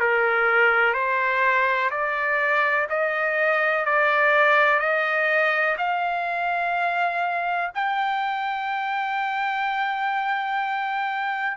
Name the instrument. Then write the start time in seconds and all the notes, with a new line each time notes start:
trumpet
0.00 A#4
0.94 C5
1.91 D5
2.90 D#5
3.86 D5
4.79 D#5
5.78 F5
7.75 G5